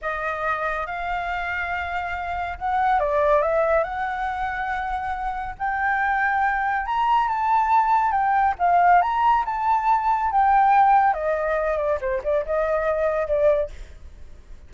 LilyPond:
\new Staff \with { instrumentName = "flute" } { \time 4/4 \tempo 4 = 140 dis''2 f''2~ | f''2 fis''4 d''4 | e''4 fis''2.~ | fis''4 g''2. |
ais''4 a''2 g''4 | f''4 ais''4 a''2 | g''2 dis''4. d''8 | c''8 d''8 dis''2 d''4 | }